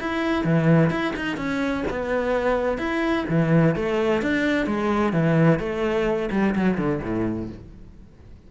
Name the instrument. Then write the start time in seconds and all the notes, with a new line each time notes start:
cello
0.00 E4
0.45 E3
0.91 E4
1.16 D#4
1.37 C#4
1.90 B3
2.78 E4
3.29 E3
3.76 A3
4.22 D4
4.66 G#3
5.13 E3
5.59 A3
6.31 G3
6.55 F#3
6.78 D3
7.03 A2